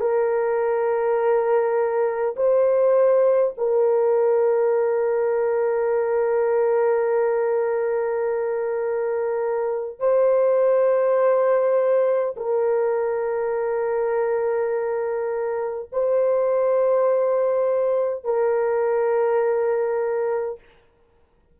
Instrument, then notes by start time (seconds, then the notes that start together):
horn
0.00 A#4
2.36 C5
3.57 A#4
9.99 C5
12.36 A#4
15.92 C5
18.24 A#4